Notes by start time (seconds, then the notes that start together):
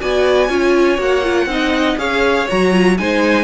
0.00 B3 F#4 D5 G#5
0.48 C#4 F4 C#5
0.97 A#3 F#4 F#5
1.23 F4
1.46 C4 D#4 D#5
1.97 C#4 G#4 C#5 F5
2.48 F#3 F#4 A#5
2.71 F4
2.97 G#3 D#4 C5 G#5